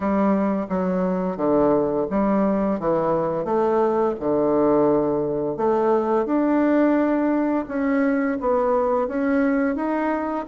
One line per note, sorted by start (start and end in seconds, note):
0.00 0.66 G3
0.69 1.36 F#3
1.36 2.06 D3
2.10 2.79 G3
2.79 3.44 E3
3.44 4.14 A3
4.19 5.56 D3
5.56 6.25 A3
6.25 7.65 D4
7.68 8.38 C#4
8.40 9.07 B3
9.07 9.75 C#4
9.75 10.45 D#4